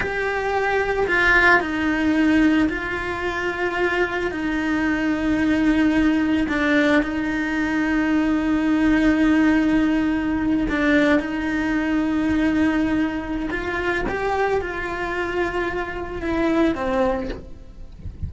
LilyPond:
\new Staff \with { instrumentName = "cello" } { \time 4/4 \tempo 4 = 111 g'2 f'4 dis'4~ | dis'4 f'2. | dis'1 | d'4 dis'2.~ |
dis'2.~ dis'8. d'16~ | d'8. dis'2.~ dis'16~ | dis'4 f'4 g'4 f'4~ | f'2 e'4 c'4 | }